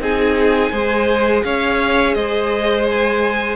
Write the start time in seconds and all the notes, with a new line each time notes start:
0.00 C4 D#4 G#4 G#5
0.72 G#3 G#4 C5
1.44 C#4 C#5 F5
2.15 G#3 C5 D#5
2.90 G#5